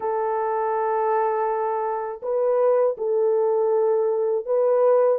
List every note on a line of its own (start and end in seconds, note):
0.00 2.21 A4
2.22 2.96 B4
2.97 4.45 A4
4.45 5.19 B4